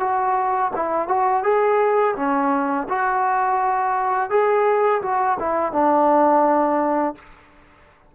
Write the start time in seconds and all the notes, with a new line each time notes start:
0.00 F#4
0.76 E4
1.08 F#4
1.43 G#4
2.16 C#4
2.89 F#4
4.30 G#4
5.02 F#4
5.39 E4
5.72 D4